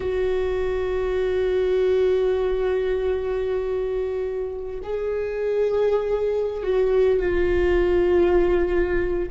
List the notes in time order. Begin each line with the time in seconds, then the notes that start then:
0.00 F#4
4.83 G#4
6.63 F#4
7.19 F4